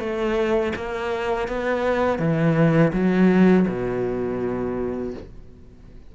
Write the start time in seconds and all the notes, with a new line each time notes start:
0.00 A3
0.76 A#3
1.48 B3
2.19 E3
2.94 F#3
3.68 B2